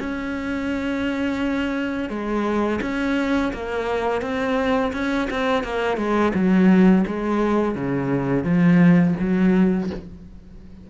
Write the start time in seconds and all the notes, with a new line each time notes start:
0.00 C#4
2.10 G#3
2.82 C#4
3.54 A#3
4.22 C4
4.93 C#4
5.31 C4
5.64 A#3
5.97 G#3
6.35 F#3
7.07 G#3
7.76 C#3
8.44 F3
9.20 F#3